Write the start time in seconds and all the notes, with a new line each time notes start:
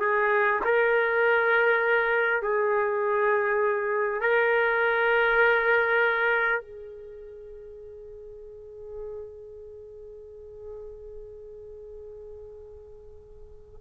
0.00 G#4
0.65 A#4
2.42 G#4
4.21 A#4
6.61 G#4